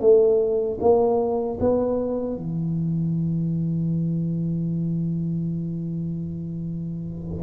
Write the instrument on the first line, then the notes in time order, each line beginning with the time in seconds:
tuba
0.00 A3
0.80 A#3
1.60 B3
2.36 E3